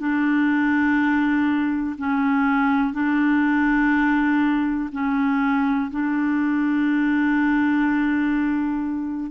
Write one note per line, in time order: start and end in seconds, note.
0.00 1.97 D4
1.99 2.94 C#4
2.94 4.90 D4
4.93 5.91 C#4
5.92 9.32 D4